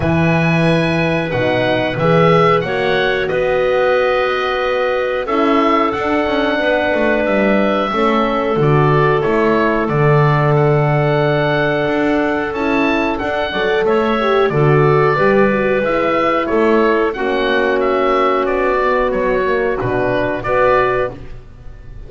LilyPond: <<
  \new Staff \with { instrumentName = "oboe" } { \time 4/4 \tempo 4 = 91 gis''2 fis''4 e''4 | fis''4 dis''2. | e''4 fis''2 e''4~ | e''4 d''4 cis''4 d''4 |
fis''2. a''4 | fis''4 e''4 d''2 | e''4 cis''4 fis''4 e''4 | d''4 cis''4 b'4 d''4 | }
  \new Staff \with { instrumentName = "clarinet" } { \time 4/4 b'1 | cis''4 b'2. | a'2 b'2 | a'1~ |
a'1~ | a'8 d''8 cis''4 a'4 b'4~ | b'4 a'4 fis'2~ | fis'2. b'4 | }
  \new Staff \with { instrumentName = "horn" } { \time 4/4 e'2 dis'4 gis'4 | fis'1 | e'4 d'2. | cis'4 fis'4 e'4 d'4~ |
d'2. e'4 | d'8 a'4 g'8 fis'4 g'8 fis'8 | e'2 cis'2~ | cis'8 b4 ais8 d'4 fis'4 | }
  \new Staff \with { instrumentName = "double bass" } { \time 4/4 e2 b,4 e4 | ais4 b2. | cis'4 d'8 cis'8 b8 a8 g4 | a4 d4 a4 d4~ |
d2 d'4 cis'4 | d'8 fis8 a4 d4 g4 | gis4 a4 ais2 | b4 fis4 b,4 b4 | }
>>